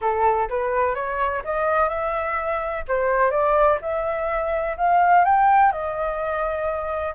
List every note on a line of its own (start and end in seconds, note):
0.01 0.48 A4
0.49 0.94 B4
0.94 1.42 C#5
1.44 1.88 D#5
1.88 2.84 E5
2.87 3.31 C5
3.31 3.78 D5
3.81 4.76 E5
4.77 5.24 F5
5.24 5.71 G5
5.71 7.14 D#5